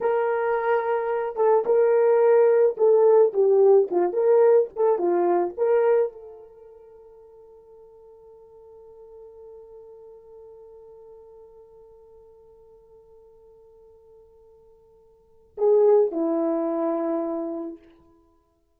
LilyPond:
\new Staff \with { instrumentName = "horn" } { \time 4/4 \tempo 4 = 108 ais'2~ ais'8 a'8 ais'4~ | ais'4 a'4 g'4 f'8 ais'8~ | ais'8 a'8 f'4 ais'4 a'4~ | a'1~ |
a'1~ | a'1~ | a'1 | gis'4 e'2. | }